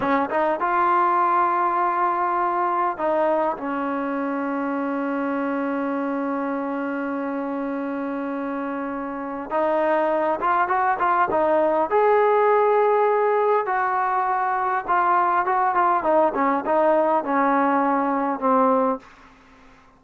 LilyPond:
\new Staff \with { instrumentName = "trombone" } { \time 4/4 \tempo 4 = 101 cis'8 dis'8 f'2.~ | f'4 dis'4 cis'2~ | cis'1~ | cis'1 |
dis'4. f'8 fis'8 f'8 dis'4 | gis'2. fis'4~ | fis'4 f'4 fis'8 f'8 dis'8 cis'8 | dis'4 cis'2 c'4 | }